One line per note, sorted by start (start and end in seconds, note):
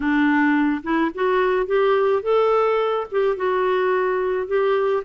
0.00 0.82 D4
0.83 1.11 E4
1.14 1.66 F#4
1.66 2.22 G4
2.22 3.06 A4
3.11 3.36 G4
3.36 4.47 F#4
4.47 5.03 G4